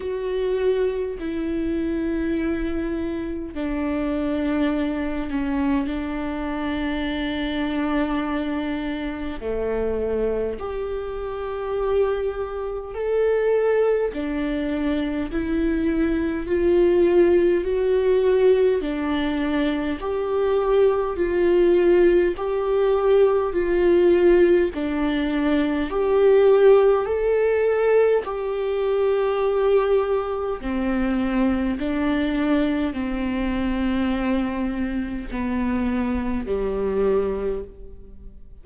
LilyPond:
\new Staff \with { instrumentName = "viola" } { \time 4/4 \tempo 4 = 51 fis'4 e'2 d'4~ | d'8 cis'8 d'2. | a4 g'2 a'4 | d'4 e'4 f'4 fis'4 |
d'4 g'4 f'4 g'4 | f'4 d'4 g'4 a'4 | g'2 c'4 d'4 | c'2 b4 g4 | }